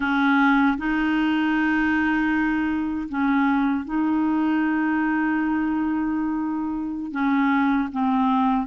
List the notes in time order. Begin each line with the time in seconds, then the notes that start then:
0.00 C#4
0.77 D#4
3.08 C#4
3.84 D#4
7.12 C#4
7.92 C4